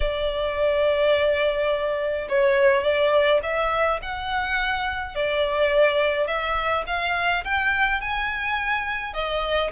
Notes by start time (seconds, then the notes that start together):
0.00 D5
2.28 C#5
2.83 D5
3.42 E5
4.02 F#5
5.15 D5
6.27 E5
6.86 F5
7.44 G5
8.00 G#5
9.13 D#5